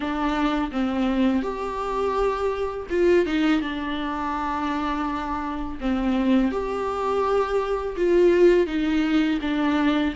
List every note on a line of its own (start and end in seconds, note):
0.00 0.70 D4
0.71 1.42 C4
1.42 2.87 G4
2.89 3.25 F4
3.25 3.61 D#4
3.61 5.78 D4
5.80 6.51 C4
6.51 7.96 G4
7.96 8.66 F4
8.66 9.39 D#4
9.41 10.13 D4